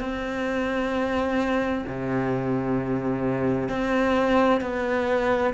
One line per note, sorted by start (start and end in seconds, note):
0.00 1.85 C4
1.87 3.69 C3
3.69 4.61 C4
4.61 5.53 B3